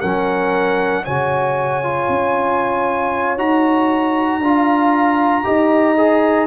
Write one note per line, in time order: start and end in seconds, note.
0.00 1.07 F#3
0.00 1.06 C#4
0.00 1.03 A#4
0.00 1.05 F#5
1.05 2.09 C#3
1.05 1.84 F#4
1.05 4.41 C#5
1.05 3.38 G#5
1.84 3.38 F4
2.09 3.38 C#4
3.38 4.40 D#4
3.38 4.42 F#4
3.38 6.47 A#5
4.40 5.43 D4
4.40 5.44 F4
4.40 5.46 F5
5.44 6.47 D#4
5.44 5.96 G4
5.44 6.47 D#5
5.98 6.47 G#4